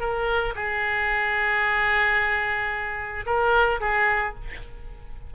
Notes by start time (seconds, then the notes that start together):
0.00 A#4
0.55 G#4
3.26 A#4
3.81 G#4